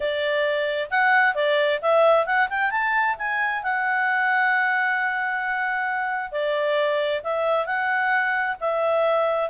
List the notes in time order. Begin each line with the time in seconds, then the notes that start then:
0.00 D5
0.90 F#5
1.34 D5
1.81 E5
2.26 F#5
2.49 G5
2.70 A5
3.18 G#5
3.63 F#5
6.31 D5
7.23 E5
7.66 F#5
8.60 E5